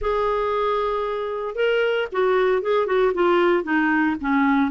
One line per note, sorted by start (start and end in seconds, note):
0.01 1.55 G#4
1.55 2.07 A#4
2.11 2.61 F#4
2.61 2.86 G#4
2.86 3.12 F#4
3.14 3.63 F4
3.63 4.15 D#4
4.20 4.71 C#4